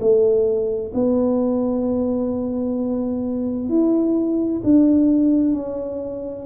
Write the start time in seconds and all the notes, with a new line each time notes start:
0.00 A3
0.94 B3
3.69 E4
4.64 D4
5.53 C#4